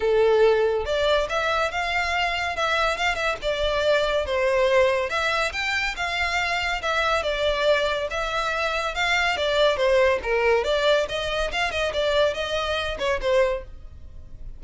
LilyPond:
\new Staff \with { instrumentName = "violin" } { \time 4/4 \tempo 4 = 141 a'2 d''4 e''4 | f''2 e''4 f''8 e''8 | d''2 c''2 | e''4 g''4 f''2 |
e''4 d''2 e''4~ | e''4 f''4 d''4 c''4 | ais'4 d''4 dis''4 f''8 dis''8 | d''4 dis''4. cis''8 c''4 | }